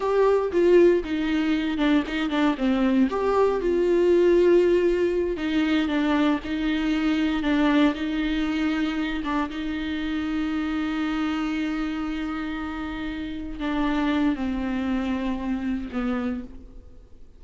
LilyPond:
\new Staff \with { instrumentName = "viola" } { \time 4/4 \tempo 4 = 117 g'4 f'4 dis'4. d'8 | dis'8 d'8 c'4 g'4 f'4~ | f'2~ f'8 dis'4 d'8~ | d'8 dis'2 d'4 dis'8~ |
dis'2 d'8 dis'4.~ | dis'1~ | dis'2~ dis'8 d'4. | c'2. b4 | }